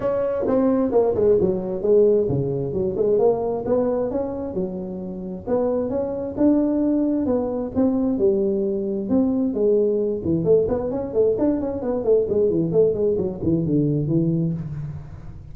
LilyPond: \new Staff \with { instrumentName = "tuba" } { \time 4/4 \tempo 4 = 132 cis'4 c'4 ais8 gis8 fis4 | gis4 cis4 fis8 gis8 ais4 | b4 cis'4 fis2 | b4 cis'4 d'2 |
b4 c'4 g2 | c'4 gis4. e8 a8 b8 | cis'8 a8 d'8 cis'8 b8 a8 gis8 e8 | a8 gis8 fis8 e8 d4 e4 | }